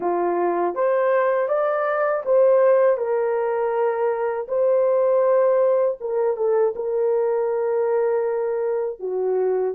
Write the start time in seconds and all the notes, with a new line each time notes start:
0.00 F4
0.74 C5
1.48 D5
2.25 C5
2.97 A#4
4.48 C5
6.00 A#4
6.36 A4
6.75 A#4
8.99 F#4